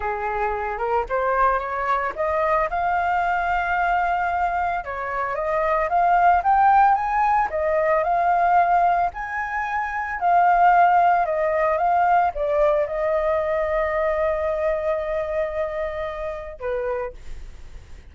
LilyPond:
\new Staff \with { instrumentName = "flute" } { \time 4/4 \tempo 4 = 112 gis'4. ais'8 c''4 cis''4 | dis''4 f''2.~ | f''4 cis''4 dis''4 f''4 | g''4 gis''4 dis''4 f''4~ |
f''4 gis''2 f''4~ | f''4 dis''4 f''4 d''4 | dis''1~ | dis''2. b'4 | }